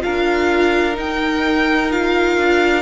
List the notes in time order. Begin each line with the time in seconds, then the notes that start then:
0.00 D4 F4 A#4 F5
0.93 D#4 G5
1.91 F4 F5
2.38 D4